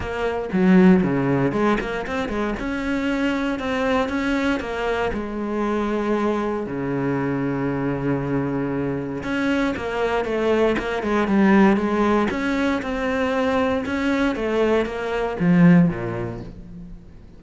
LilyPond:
\new Staff \with { instrumentName = "cello" } { \time 4/4 \tempo 4 = 117 ais4 fis4 cis4 gis8 ais8 | c'8 gis8 cis'2 c'4 | cis'4 ais4 gis2~ | gis4 cis2.~ |
cis2 cis'4 ais4 | a4 ais8 gis8 g4 gis4 | cis'4 c'2 cis'4 | a4 ais4 f4 ais,4 | }